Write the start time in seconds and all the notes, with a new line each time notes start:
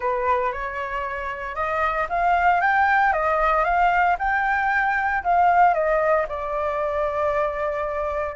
0.00 B4
0.52 C#5
1.55 D#5
2.09 F5
2.60 G5
3.13 D#5
3.64 F5
4.19 G5
5.23 F5
5.74 D#5
6.28 D5